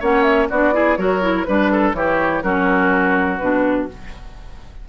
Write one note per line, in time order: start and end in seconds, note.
0.00 0.49 A#3
0.00 0.50 C#4
0.00 0.48 C#5
0.00 0.23 F#5
0.23 0.47 E5
0.49 0.98 B3
0.49 0.73 D4
0.49 0.74 F#4
0.49 0.96 D5
0.73 0.97 E4
0.73 0.98 G#4
0.96 1.46 F#3
0.96 1.21 F#4
0.96 1.47 A#4
0.96 1.44 C#5
1.21 1.45 E4
1.44 1.93 G3
1.44 1.95 D4
1.44 1.93 B4
1.44 1.72 B4
1.72 1.96 A4
1.93 2.41 E3
1.93 2.43 E4
1.93 2.43 G4
1.93 2.42 C#5
2.42 3.40 F#3
2.42 3.39 C#4
2.42 3.89 F#4
2.42 3.38 A#4
3.38 3.89 B2
3.38 3.89 D4
3.38 3.86 B4